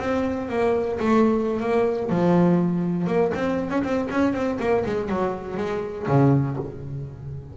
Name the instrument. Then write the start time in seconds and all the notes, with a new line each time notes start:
double bass
0.00 C4
0.50 A#3
1.00 A3
1.60 A#3
2.10 F3
3.07 A#3
3.35 C4
3.71 C#4
3.84 C4
4.11 C#4
4.34 C4
4.60 A#3
4.85 G#3
5.09 F#3
5.57 G#3
6.08 C#3